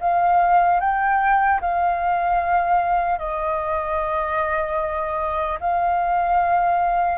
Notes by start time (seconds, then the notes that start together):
0.00 F5
0.80 G5
1.61 F5
3.18 D#5
5.60 F5